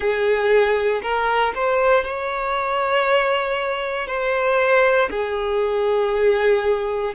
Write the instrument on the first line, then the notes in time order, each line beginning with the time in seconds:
violin
0.00 G#4
1.02 A#4
1.54 C5
2.03 C#5
4.07 C5
5.10 G#4